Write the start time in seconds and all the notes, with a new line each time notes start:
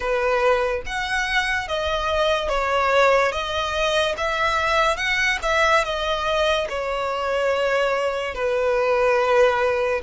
0.00 B4
0.86 F#5
1.68 D#5
2.48 C#5
3.31 D#5
4.17 E5
4.96 F#5
5.42 E5
5.84 D#5
6.69 C#5
8.34 B4